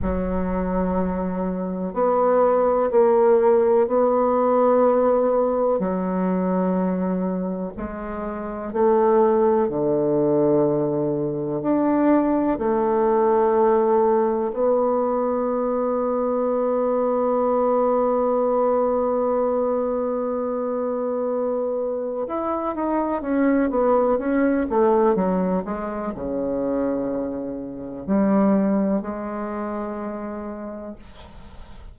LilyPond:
\new Staff \with { instrumentName = "bassoon" } { \time 4/4 \tempo 4 = 62 fis2 b4 ais4 | b2 fis2 | gis4 a4 d2 | d'4 a2 b4~ |
b1~ | b2. e'8 dis'8 | cis'8 b8 cis'8 a8 fis8 gis8 cis4~ | cis4 g4 gis2 | }